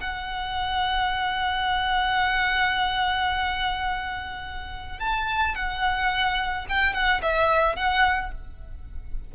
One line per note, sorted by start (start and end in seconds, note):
0.00 4.99 F#5
4.99 5.55 A5
5.55 6.66 F#5
6.69 6.93 G5
6.93 7.21 F#5
7.22 7.76 E5
7.76 8.31 F#5